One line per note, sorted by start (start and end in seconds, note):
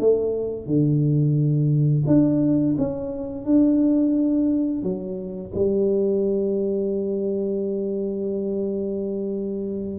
0.00 0.66 A3
0.66 2.04 D3
2.07 2.76 D4
2.78 3.45 C#4
3.45 4.83 D4
4.83 5.52 F#3
5.55 9.99 G3